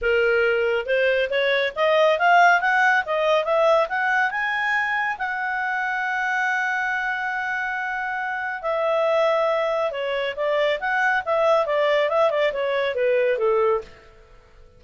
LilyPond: \new Staff \with { instrumentName = "clarinet" } { \time 4/4 \tempo 4 = 139 ais'2 c''4 cis''4 | dis''4 f''4 fis''4 dis''4 | e''4 fis''4 gis''2 | fis''1~ |
fis''1 | e''2. cis''4 | d''4 fis''4 e''4 d''4 | e''8 d''8 cis''4 b'4 a'4 | }